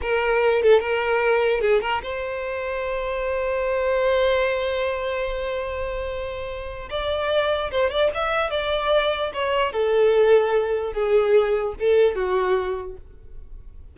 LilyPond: \new Staff \with { instrumentName = "violin" } { \time 4/4 \tempo 4 = 148 ais'4. a'8 ais'2 | gis'8 ais'8 c''2.~ | c''1~ | c''1~ |
c''4 d''2 c''8 d''8 | e''4 d''2 cis''4 | a'2. gis'4~ | gis'4 a'4 fis'2 | }